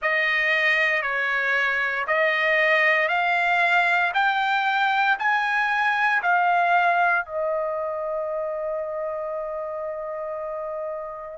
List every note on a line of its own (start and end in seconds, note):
0.02 1.02 D#5
1.02 2.05 C#5
2.07 3.08 D#5
3.08 4.11 F5
4.14 5.17 G5
5.18 6.22 G#5
6.22 7.25 F5
7.25 11.37 D#5